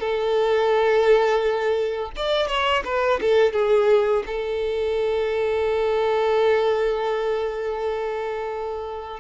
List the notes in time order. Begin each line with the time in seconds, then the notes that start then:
0.00 A4
2.17 D5
2.48 C#5
2.85 B4
3.21 A4
3.53 G#4
4.26 A4